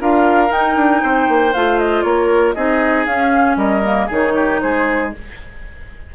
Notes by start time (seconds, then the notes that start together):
0.00 D4 F4 A#4 F5
0.49 D#4 G5
0.76 D4
1.02 C4 C5
1.28 A#3
1.53 A3 F4 F5
1.79 D#5
2.02 A#3 A#4 C#5
2.54 C4 D#4 G#4 D#5
3.06 C#4 F5
3.56 G3 A#4 D#5
3.84 A#3
4.07 D#3 D#4 G#4 C#5
4.35 G4
4.60 G#3 G#4 C5